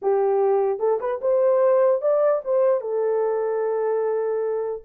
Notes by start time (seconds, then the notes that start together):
0.02 G4
0.79 A4
1.00 B4
1.21 C5
2.01 D5
2.44 C5
2.81 A4